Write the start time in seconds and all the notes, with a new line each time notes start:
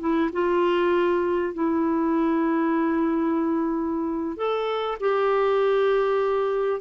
0.00 E4
0.33 F4
1.54 E4
4.37 A4
5.00 G4